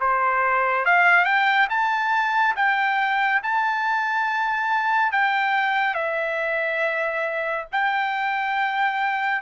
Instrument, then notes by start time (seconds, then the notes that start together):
trumpet
0.00 C5
0.85 F5
1.24 G5
1.69 A5
2.56 G5
3.42 A5
5.12 G5
5.94 E5
7.72 G5